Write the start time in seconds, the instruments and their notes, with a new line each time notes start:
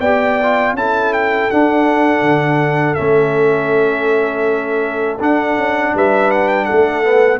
0.00 tuba B3, trombone G4, horn D5, trumpet G5
0.43 trombone F4
0.73 tuba C#4, trombone E4, horn A4, trumpet A5
1.13 trumpet G5
1.50 trombone D4, tuba D4, trumpet F#5
2.21 tuba D3
2.94 tuba A3, trombone C#4, trumpet E5
5.20 trombone D4, tuba D4, trumpet F#5
5.57 tuba C#4
5.94 tuba G3, horn B4, trumpet E5
6.31 trumpet F#5
6.48 trumpet G5
6.65 horn A4, trumpet F#5
6.71 tuba A3
7.03 trombone B3